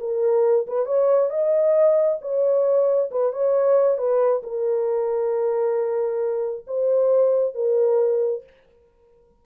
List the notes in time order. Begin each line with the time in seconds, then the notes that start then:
0.00 A#4
0.67 B4
0.86 C#5
1.30 D#5
2.21 C#5
3.11 B4
3.33 C#5
3.98 B4
4.43 A#4
6.67 C5
7.55 A#4